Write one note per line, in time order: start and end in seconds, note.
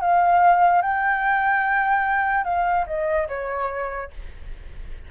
0.00 0.81 F5
0.81 2.44 G5
2.44 2.85 F5
2.86 3.27 D#5
3.28 4.10 C#5